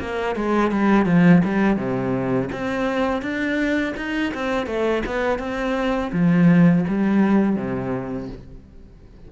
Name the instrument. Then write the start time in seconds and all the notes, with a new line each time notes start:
cello
0.00 A#3
0.35 G#3
0.71 G3
1.06 F3
1.45 G3
1.77 C3
2.52 C4
3.22 D4
3.97 D#4
4.34 C4
4.67 A3
5.06 B3
5.39 C4
6.12 F3
6.88 G3
7.56 C3